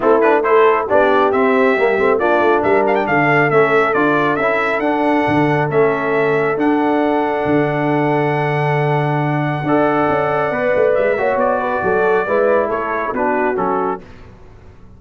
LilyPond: <<
  \new Staff \with { instrumentName = "trumpet" } { \time 4/4 \tempo 4 = 137 a'8 b'8 c''4 d''4 e''4~ | e''4 d''4 e''8 f''16 g''16 f''4 | e''4 d''4 e''4 fis''4~ | fis''4 e''2 fis''4~ |
fis''1~ | fis''1~ | fis''4 e''4 d''2~ | d''4 cis''4 b'4 a'4 | }
  \new Staff \with { instrumentName = "horn" } { \time 4/4 e'4 a'4 g'2~ | g'4 f'4 ais'4 a'4~ | a'1~ | a'1~ |
a'1~ | a'2 d''2~ | d''4. cis''4 b'8 a'4 | b'4 a'4 fis'2 | }
  \new Staff \with { instrumentName = "trombone" } { \time 4/4 c'8 d'8 e'4 d'4 c'4 | ais8 c'8 d'2. | cis'4 f'4 e'4 d'4~ | d'4 cis'2 d'4~ |
d'1~ | d'2 a'2 | b'4. fis'2~ fis'8 | e'2 d'4 cis'4 | }
  \new Staff \with { instrumentName = "tuba" } { \time 4/4 a2 b4 c'4 | g8 a8 ais8 a8 g4 d4 | a4 d'4 cis'4 d'4 | d4 a2 d'4~ |
d'4 d2.~ | d2 d'4 cis'4 | b8 a8 gis8 ais8 b4 fis4 | gis4 a4 b4 fis4 | }
>>